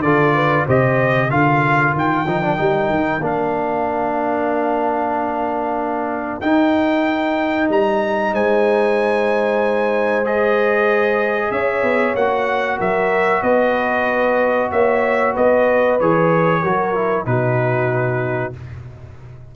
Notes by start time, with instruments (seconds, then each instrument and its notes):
0.00 tuba D3, trombone F4, horn A4, trumpet D5
0.35 horn B4
0.66 tuba C3, trombone G4, horn C5, trumpet D#5
1.28 tuba D3, trombone F4, horn A#4, trumpet F5
1.94 tuba D#3, trumpet G5
2.25 tuba F3, trombone D#4
2.42 trombone D4
2.57 tuba G3, trombone D#4
2.90 tuba D#3
3.20 tuba A#3, trombone D4, trumpet F5
6.41 tuba D#4, trombone D#4, trumpet G5
7.69 tuba G3, trumpet A#5
8.33 tuba G#3, horn C5, trumpet G#5
10.25 trombone G#4, trumpet D#5
11.51 tuba C#4, horn C#5, trumpet E5
11.83 tuba B3
12.15 tuba A#3, trombone F#4, trumpet F#5
12.79 tuba F#3, horn A#4, trumpet E5
13.43 tuba B3, horn B4, trumpet D#5
14.71 tuba A#3, horn C#5, trumpet E5
15.34 tuba B3, horn B4, trumpet D#5
16.00 tuba E3, trombone G#4, trumpet C#5
16.62 tuba F#3, trombone F#4, horn A#4
16.95 trombone E4
17.26 tuba B2, trombone D#4, horn F#4, trumpet B4